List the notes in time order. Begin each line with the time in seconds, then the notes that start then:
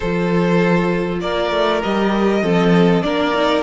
0.00 F3 F4 A4 C5
1.21 A#3 A#4 D5
1.51 A3
1.83 G3 G4 D#5
2.42 F3 C4 A4
3.02 A#3 D4 A#4 D5
3.33 D#4